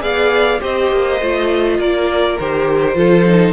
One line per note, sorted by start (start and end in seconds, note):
0.00 0.60 B3
0.00 0.59 G#4
0.00 0.60 D5
0.00 0.61 F5
0.60 0.92 C4
0.60 1.19 G4
0.60 1.78 C5
0.60 1.80 D#5
0.92 1.21 A#3
1.21 1.79 A3
1.21 2.40 F4
1.79 2.38 A#3
1.79 2.97 A#4
1.79 2.39 D5
2.39 2.96 D#3
2.39 2.94 G4
2.39 3.52 C5
2.94 3.52 F3
2.94 3.24 F4
2.94 3.52 A4
3.27 3.52 D#4